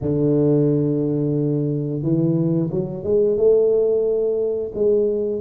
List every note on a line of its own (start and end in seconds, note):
0.01 2.02 D3
2.02 2.69 E3
2.70 3.03 F#3
3.03 3.37 G#3
3.37 4.72 A3
4.74 5.41 G#3